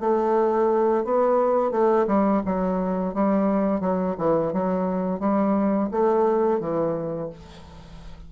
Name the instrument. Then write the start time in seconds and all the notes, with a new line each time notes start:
bassoon
0.00 A3
1.04 B3
1.71 A3
2.07 G3
2.46 F#3
3.14 G3
3.81 F#3
4.18 E3
4.53 F#3
5.20 G3
5.91 A3
6.60 E3